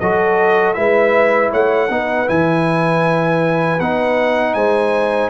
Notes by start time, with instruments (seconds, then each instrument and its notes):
0.00 tuba F#3, trombone F#4, horn A4, trumpet D#5
0.74 tuba G#3, trombone E4, horn B4, trumpet E5
1.51 tuba A3, horn C#5, trumpet F#5
1.89 tuba B3, trombone D#4, horn B4
2.27 tuba E3, trombone E4, trumpet G#5
3.80 tuba B3, trombone D#4, trumpet F#5
4.54 tuba G#3, horn C5, trumpet G#5